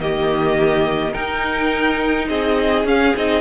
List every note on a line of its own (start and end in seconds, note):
0.00 1.14 D#3
0.00 1.13 A#3
0.00 1.13 G4
0.00 1.13 D#5
1.13 2.85 D#4
1.13 2.29 D#4
1.13 2.28 A#4
1.13 2.27 G5
2.28 2.84 C4
2.28 3.41 G#4
2.28 2.86 D#5
2.84 3.13 C#4
2.84 3.16 F5
3.16 3.41 C4
3.16 3.41 D#4
3.16 3.41 D#5